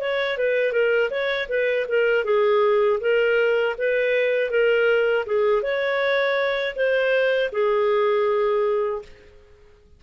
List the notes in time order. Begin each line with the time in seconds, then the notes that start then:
0.00 C#5
0.37 B4
0.72 A#4
1.10 C#5
1.49 B4
1.88 A#4
2.24 G#4
3.00 A#4
3.77 B4
4.50 A#4
5.25 G#4
5.62 C#5
6.75 C5
7.51 G#4